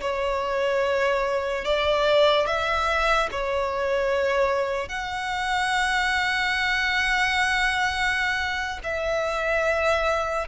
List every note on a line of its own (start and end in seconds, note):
0.00 1.64 C#5
1.64 2.46 D5
2.46 3.28 E5
3.31 4.88 C#5
4.88 8.78 F#5
8.83 10.47 E5